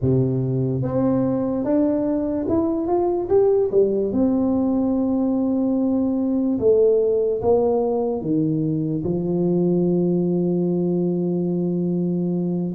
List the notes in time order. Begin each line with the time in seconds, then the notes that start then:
0.01 C3
0.82 C4
1.64 D4
2.48 E4
2.87 F4
3.29 G4
3.71 G3
4.12 C4
6.59 A3
7.41 A#3
8.21 D#3
9.03 F3